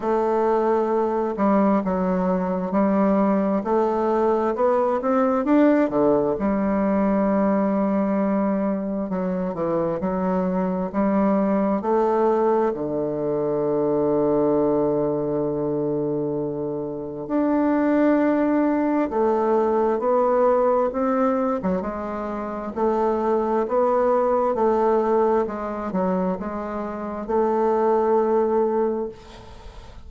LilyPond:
\new Staff \with { instrumentName = "bassoon" } { \time 4/4 \tempo 4 = 66 a4. g8 fis4 g4 | a4 b8 c'8 d'8 d8 g4~ | g2 fis8 e8 fis4 | g4 a4 d2~ |
d2. d'4~ | d'4 a4 b4 c'8. fis16 | gis4 a4 b4 a4 | gis8 fis8 gis4 a2 | }